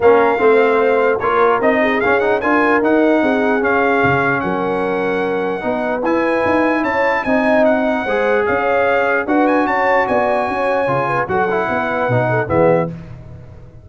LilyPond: <<
  \new Staff \with { instrumentName = "trumpet" } { \time 4/4 \tempo 4 = 149 f''2. cis''4 | dis''4 f''8 fis''8 gis''4 fis''4~ | fis''4 f''2 fis''4~ | fis''2. gis''4~ |
gis''4 a''4 gis''4 fis''4~ | fis''4 f''2 fis''8 gis''8 | a''4 gis''2. | fis''2. e''4 | }
  \new Staff \with { instrumentName = "horn" } { \time 4/4 ais'4 c''2 ais'4~ | ais'8 gis'4. ais'2 | gis'2. ais'4~ | ais'2 b'2~ |
b'4 cis''4 dis''2 | c''4 cis''2 b'4 | cis''4 d''4 cis''4. b'8 | a'4 b'4. a'8 gis'4 | }
  \new Staff \with { instrumentName = "trombone" } { \time 4/4 cis'4 c'2 f'4 | dis'4 cis'8 dis'8 f'4 dis'4~ | dis'4 cis'2.~ | cis'2 dis'4 e'4~ |
e'2 dis'2 | gis'2. fis'4~ | fis'2. f'4 | fis'8 e'4. dis'4 b4 | }
  \new Staff \with { instrumentName = "tuba" } { \time 4/4 ais4 a2 ais4 | c'4 cis'4 d'4 dis'4 | c'4 cis'4 cis4 fis4~ | fis2 b4 e'4 |
dis'4 cis'4 c'2 | gis4 cis'2 d'4 | cis'4 b4 cis'4 cis4 | fis4 b4 b,4 e4 | }
>>